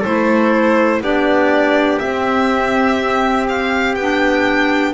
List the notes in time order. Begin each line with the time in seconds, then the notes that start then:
0.00 A3 E4 A4 C5
1.02 B3 D4 G4 D5
1.99 C4 E5
3.49 F5
3.95 B3 D4 G5